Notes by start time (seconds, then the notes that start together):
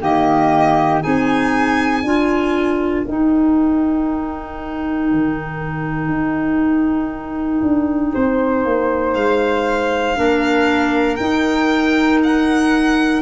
0.00 D#3 A#3 G4 D#5
1.00 C4 D#4 G#4 G#5
2.02 D4 F4 A#4
3.05 D#4 G5
5.11 D#3
6.09 D#4
7.62 D4
8.14 C4 C5
8.65 A#3
9.14 G#3 F5
10.16 A#3 D4 A#4
11.16 D#4 G5
12.24 F#5